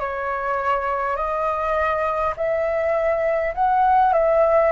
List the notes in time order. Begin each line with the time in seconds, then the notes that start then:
0.00 C#5
1.17 D#5
2.37 E5
3.55 F#5
4.13 E5